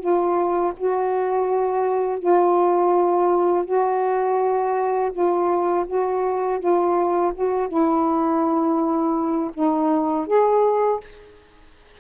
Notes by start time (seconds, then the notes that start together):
0.00 F4
0.77 F#4
2.20 F4
3.66 F#4
5.13 F4
5.87 F#4
6.60 F4
7.35 F#4
7.69 E4
9.54 D#4
10.27 G#4